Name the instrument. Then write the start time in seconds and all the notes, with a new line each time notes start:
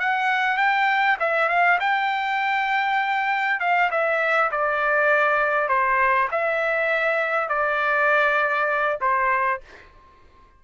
trumpet
0.00 F#5
0.58 G5
1.20 E5
1.49 F5
1.80 G5
3.61 F5
3.91 E5
4.52 D5
5.69 C5
6.32 E5
7.49 D5
9.01 C5